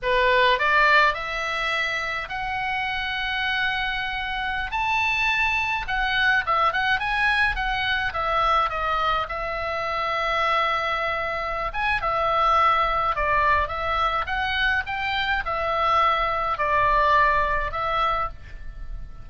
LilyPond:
\new Staff \with { instrumentName = "oboe" } { \time 4/4 \tempo 4 = 105 b'4 d''4 e''2 | fis''1~ | fis''16 a''2 fis''4 e''8 fis''16~ | fis''16 gis''4 fis''4 e''4 dis''8.~ |
dis''16 e''2.~ e''8.~ | e''8 gis''8 e''2 d''4 | e''4 fis''4 g''4 e''4~ | e''4 d''2 e''4 | }